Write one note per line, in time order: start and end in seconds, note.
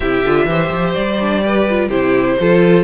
0.00 0.24 C3
0.00 0.25 E4
0.00 0.46 G4
0.00 0.93 E5
0.24 0.45 D3
0.24 0.47 F4
0.45 0.69 E3
0.45 1.19 G4
0.45 1.44 C5
0.71 0.95 F3
0.93 1.88 G3
0.93 1.89 D5
1.20 1.43 D4
1.43 1.67 G4
1.43 1.88 B4
1.69 1.90 F4
1.88 2.36 C3
1.88 2.37 E4
1.88 2.36 G4
1.88 2.83 C5
2.40 2.83 F3
2.40 2.83 F4
2.40 2.83 A4